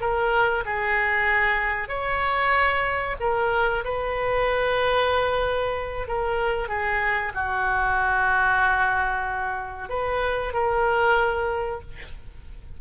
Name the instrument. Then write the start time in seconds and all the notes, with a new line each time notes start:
oboe
0.00 A#4
0.65 G#4
1.88 C#5
3.20 A#4
3.84 B4
6.08 A#4
6.68 G#4
7.34 F#4
9.89 B4
10.53 A#4